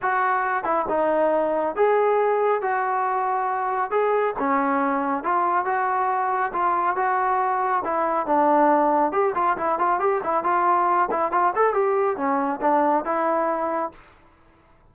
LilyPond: \new Staff \with { instrumentName = "trombone" } { \time 4/4 \tempo 4 = 138 fis'4. e'8 dis'2 | gis'2 fis'2~ | fis'4 gis'4 cis'2 | f'4 fis'2 f'4 |
fis'2 e'4 d'4~ | d'4 g'8 f'8 e'8 f'8 g'8 e'8 | f'4. e'8 f'8 a'8 g'4 | cis'4 d'4 e'2 | }